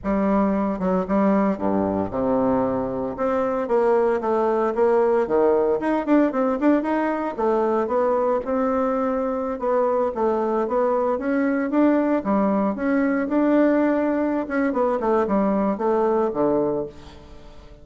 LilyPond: \new Staff \with { instrumentName = "bassoon" } { \time 4/4 \tempo 4 = 114 g4. fis8 g4 g,4 | c2 c'4 ais4 | a4 ais4 dis4 dis'8 d'8 | c'8 d'8 dis'4 a4 b4 |
c'2~ c'16 b4 a8.~ | a16 b4 cis'4 d'4 g8.~ | g16 cis'4 d'2~ d'16 cis'8 | b8 a8 g4 a4 d4 | }